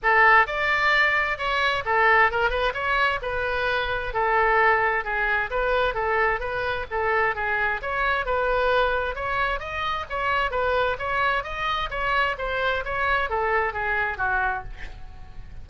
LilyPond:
\new Staff \with { instrumentName = "oboe" } { \time 4/4 \tempo 4 = 131 a'4 d''2 cis''4 | a'4 ais'8 b'8 cis''4 b'4~ | b'4 a'2 gis'4 | b'4 a'4 b'4 a'4 |
gis'4 cis''4 b'2 | cis''4 dis''4 cis''4 b'4 | cis''4 dis''4 cis''4 c''4 | cis''4 a'4 gis'4 fis'4 | }